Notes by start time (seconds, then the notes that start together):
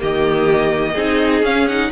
0.00 D#3 A#3 G4 D#5
0.94 C4 D#4 G#4
1.42 C#4 F5
1.68 D#4 F#5